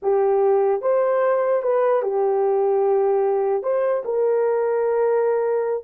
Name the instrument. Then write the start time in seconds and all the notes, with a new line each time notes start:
horn
0.02 G4
0.81 C5
1.62 B4
2.02 G4
3.63 C5
4.05 A#4